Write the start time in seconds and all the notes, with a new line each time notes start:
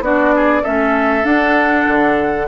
0.00 B3 D4 F#4 D5
0.35 G#4
0.62 A3 C#4 A4 E5
1.23 D4 F#5
1.87 D3